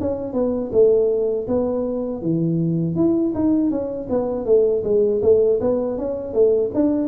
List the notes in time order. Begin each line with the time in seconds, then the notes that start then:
0.00 C#4
0.33 B3
0.72 A3
1.47 B3
2.22 E3
2.95 E4
3.34 D#4
3.70 C#4
4.09 B3
4.45 A3
4.84 G#3
5.22 A3
5.60 B3
5.98 C#4
6.33 A3
6.74 D4